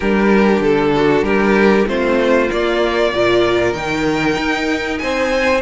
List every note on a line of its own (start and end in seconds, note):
0.00 0.60 G3
0.00 1.86 D4
0.00 0.93 G4
0.00 0.62 A#4
0.60 1.21 D3
0.60 1.24 A4
0.95 1.25 F#4
1.21 1.84 G3
1.21 1.87 G4
1.21 1.86 A#4
1.86 2.50 A3
1.86 2.49 C4
1.86 3.13 F4
1.86 2.51 C5
2.49 3.11 A#3
2.49 3.14 A#3
2.49 3.73 D5
3.13 3.73 A#2
3.13 3.73 F4
3.13 5.01 A#4
3.73 4.35 D#3
3.73 5.61 D#4
3.73 4.98 G5
4.37 4.99 D#4
4.98 5.62 C4
4.98 5.62 C5
4.98 5.60 G#5